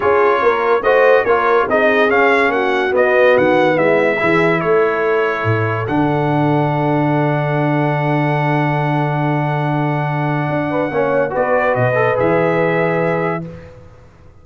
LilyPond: <<
  \new Staff \with { instrumentName = "trumpet" } { \time 4/4 \tempo 4 = 143 cis''2 dis''4 cis''4 | dis''4 f''4 fis''4 dis''4 | fis''4 e''2 cis''4~ | cis''2 fis''2~ |
fis''1~ | fis''1~ | fis''2. d''4 | dis''4 e''2. | }
  \new Staff \with { instrumentName = "horn" } { \time 4/4 gis'4 ais'4 c''4 ais'4 | gis'2 fis'2~ | fis'4 e'4 gis'4 a'4~ | a'1~ |
a'1~ | a'1~ | a'4. b'8 cis''4 b'4~ | b'1 | }
  \new Staff \with { instrumentName = "trombone" } { \time 4/4 f'2 fis'4 f'4 | dis'4 cis'2 b4~ | b2 e'2~ | e'2 d'2~ |
d'1~ | d'1~ | d'2 cis'4 fis'4~ | fis'8 a'8 gis'2. | }
  \new Staff \with { instrumentName = "tuba" } { \time 4/4 cis'4 ais4 a4 ais4 | c'4 cis'4 ais4 b4 | dis4 gis4 e4 a4~ | a4 a,4 d2~ |
d1~ | d1~ | d4 d'4 ais4 b4 | b,4 e2. | }
>>